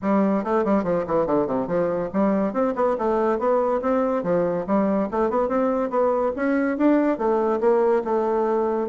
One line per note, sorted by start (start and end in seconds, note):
0.02 0.44 G3
0.44 0.64 A3
0.64 0.83 G3
0.83 1.04 F3
1.06 1.26 E3
1.26 1.47 D3
1.47 1.67 C3
1.67 2.09 F3
2.13 2.53 G3
2.53 2.74 C4
2.75 2.97 B3
2.98 3.38 A3
3.38 3.80 B3
3.81 4.23 C4
4.23 4.65 F3
4.66 5.09 G3
5.11 5.30 A3
5.30 5.48 B3
5.48 5.89 C4
5.89 6.32 B3
6.36 6.77 C#4
6.77 7.18 D4
7.18 7.60 A3
7.60 8.02 A#3
8.04 8.88 A3